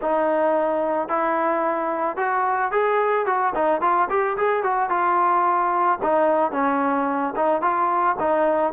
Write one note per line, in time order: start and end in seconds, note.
0.01 1.08 D#4
1.08 2.17 E4
2.17 2.71 F#4
2.71 3.26 G#4
3.26 3.53 F#4
3.54 3.81 D#4
3.81 4.08 F4
4.09 4.36 G4
4.37 4.63 G#4
4.63 4.89 F#4
4.89 5.98 F4
6.02 6.51 D#4
6.51 7.33 C#4
7.36 7.61 D#4
7.61 8.16 F4
8.19 8.72 D#4